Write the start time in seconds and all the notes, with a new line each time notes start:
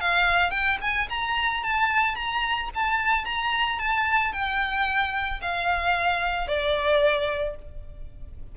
0.00 F5
0.51 G5
0.81 G#5
1.09 A#5
1.63 A5
2.15 A#5
2.74 A5
3.25 A#5
3.79 A5
4.32 G5
5.41 F5
6.47 D5